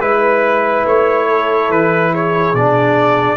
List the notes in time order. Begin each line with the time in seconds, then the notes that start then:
0.00 G#3 E4 B4
0.85 A3 C#5
1.28 A4
1.70 E3 B4
2.12 G#4 C#5
2.54 B2 D4 D5